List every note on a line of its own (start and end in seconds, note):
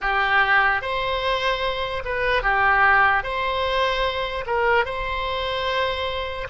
0.01 0.81 G4
0.81 2.03 C5
2.05 2.42 B4
2.42 3.23 G4
3.23 4.44 C5
4.46 4.85 A#4
4.85 6.47 C5